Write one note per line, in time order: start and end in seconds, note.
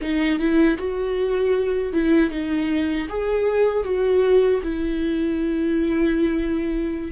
0.01 0.38 D#4
0.38 0.77 E4
0.77 1.92 F#4
1.92 2.30 E4
2.30 3.07 D#4
3.09 3.84 G#4
3.84 4.60 F#4
4.63 7.11 E4